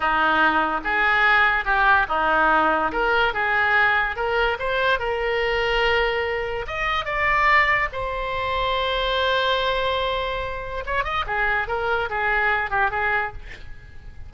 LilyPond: \new Staff \with { instrumentName = "oboe" } { \time 4/4 \tempo 4 = 144 dis'2 gis'2 | g'4 dis'2 ais'4 | gis'2 ais'4 c''4 | ais'1 |
dis''4 d''2 c''4~ | c''1~ | c''2 cis''8 dis''8 gis'4 | ais'4 gis'4. g'8 gis'4 | }